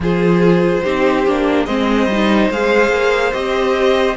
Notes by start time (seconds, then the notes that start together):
0.00 F3 F4 G#4 C5
0.83 C4 D#4 G4
1.26 A#3 D4
1.65 G#3 C4 C5 D#5
2.06 G3 D#4
2.49 G#3 G#4 F5
2.90 A#3
3.32 C4 G4 D#5